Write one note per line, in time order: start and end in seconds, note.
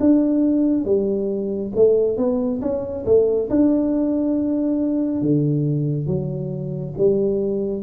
0.00 0.85 D4
0.85 1.72 G3
1.75 2.17 A3
2.17 2.60 B3
2.61 3.05 C#4
3.05 3.49 A3
3.50 5.21 D4
5.21 6.07 D3
6.07 6.94 F#3
6.98 7.82 G3